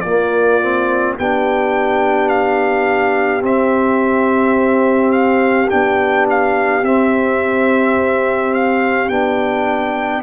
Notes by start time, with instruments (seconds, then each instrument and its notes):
0.00 tuba A#3, horn F4, trumpet D5
0.06 trombone A#3
0.61 trombone C4
1.18 tuba B3, trombone D4, horn G4, trumpet G5
2.29 trumpet F5
3.41 trombone C4, tuba C4, trumpet E5
5.12 trumpet F5
5.70 tuba B3, trombone D4, trumpet G5
6.29 trumpet F5
6.82 tuba C4, trombone C4, trumpet E5
8.54 trumpet F5
9.09 tuba B3, trombone D4, trumpet G5